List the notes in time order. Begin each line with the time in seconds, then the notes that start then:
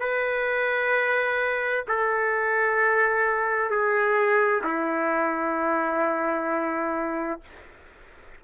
0.00 B4
1.88 A4
3.71 G#4
4.64 E4